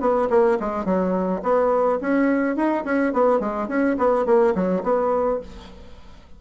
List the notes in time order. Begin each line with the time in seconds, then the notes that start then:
0.00 B3
0.30 A#3
0.60 G#3
0.85 F#3
1.43 B3
2.01 C#4
2.56 D#4
2.84 C#4
3.13 B3
3.40 G#3
3.68 C#4
3.98 B3
4.26 A#3
4.55 F#3
4.83 B3